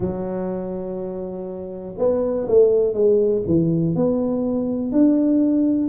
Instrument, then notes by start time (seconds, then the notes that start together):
tuba
0.00 F#3
1.98 B3
2.48 A3
2.93 G#3
3.46 E3
3.95 B3
4.92 D4